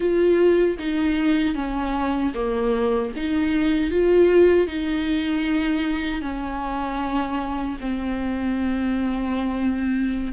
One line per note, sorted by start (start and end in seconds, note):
0.00 0.77 F4
0.78 1.54 D#4
1.54 2.32 C#4
2.34 3.12 A#3
3.16 3.90 D#4
3.90 4.67 F4
4.67 6.21 D#4
6.21 7.77 C#4
7.80 10.32 C4